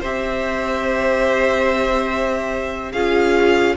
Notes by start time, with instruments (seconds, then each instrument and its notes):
0.00 cello C4, viola G4, violin C5 E5
2.92 cello C#4, viola F4, violin G#4 F5